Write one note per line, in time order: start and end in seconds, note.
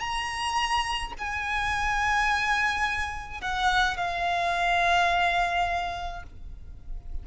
0.00 1.13 A#5
1.19 3.41 G#5
3.41 3.97 F#5
3.97 6.24 F5